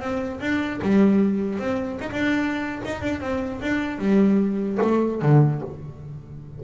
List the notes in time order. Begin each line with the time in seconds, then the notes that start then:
0.00 C4
0.40 D4
0.82 G3
1.59 C4
2.01 D#4
2.12 D4
2.85 D#4
3.02 D4
3.21 C4
3.62 D4
3.99 G3
4.82 A3
5.22 D3